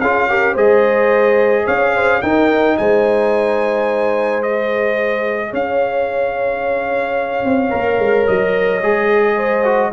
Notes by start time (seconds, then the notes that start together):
0.00 C#4 F4 G#4 F5
0.29 G4 A#4
0.53 G#3 G#4 C5 D#5
1.66 C#4 C#5 F5
1.94 C5
2.22 D#4 A#4 G5
2.77 G#3 C5 G#5
4.42 G#4 D#5
5.50 C#4 C#5 F5
7.45 C4
7.70 A#3 A#4
7.99 G#3
8.27 F#3 D#5
8.82 G#3 G#4
9.36 C5
9.64 F#4